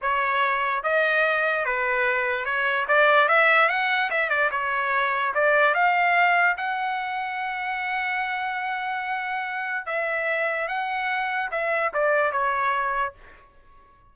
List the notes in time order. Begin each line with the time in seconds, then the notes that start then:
0.01 C#5
0.83 D#5
1.65 B4
2.45 C#5
2.88 D5
3.28 E5
3.69 F#5
4.10 E5
4.29 D5
4.51 C#5
5.34 D5
5.74 F5
6.57 F#5
9.86 E5
10.68 F#5
11.51 E5
11.93 D5
12.32 C#5